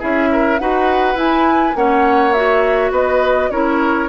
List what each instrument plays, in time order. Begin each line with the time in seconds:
0.00 bassoon C#4, clarinet E4, oboe G#4, flute E5
0.32 oboe A#4
0.59 bassoon D#4, clarinet F#4, oboe B4, flute F#5
1.15 bassoon E4, clarinet E4, flute G#5
1.76 bassoon A#3, clarinet C#4, oboe C#5, flute F#5
2.33 clarinet F#4, flute E5
2.92 bassoon B3, oboe B4, flute D#5
3.51 bassoon C#4, clarinet E4, oboe A#4, flute C#5